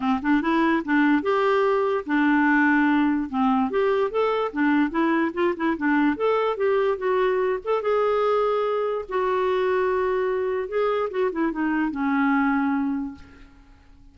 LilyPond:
\new Staff \with { instrumentName = "clarinet" } { \time 4/4 \tempo 4 = 146 c'8 d'8 e'4 d'4 g'4~ | g'4 d'2. | c'4 g'4 a'4 d'4 | e'4 f'8 e'8 d'4 a'4 |
g'4 fis'4. a'8 gis'4~ | gis'2 fis'2~ | fis'2 gis'4 fis'8 e'8 | dis'4 cis'2. | }